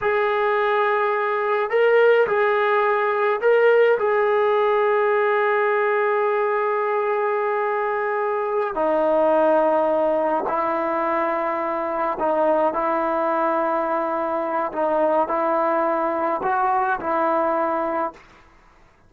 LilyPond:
\new Staff \with { instrumentName = "trombone" } { \time 4/4 \tempo 4 = 106 gis'2. ais'4 | gis'2 ais'4 gis'4~ | gis'1~ | gis'2.~ gis'8 dis'8~ |
dis'2~ dis'8 e'4.~ | e'4. dis'4 e'4.~ | e'2 dis'4 e'4~ | e'4 fis'4 e'2 | }